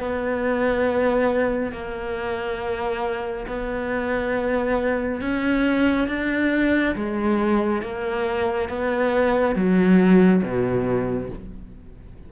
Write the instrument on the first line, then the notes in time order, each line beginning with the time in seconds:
cello
0.00 B3
1.72 A#3
3.47 B3
5.21 C#4
6.08 D4
6.96 G#3
7.82 A#3
8.69 B3
9.55 F#3
10.43 B2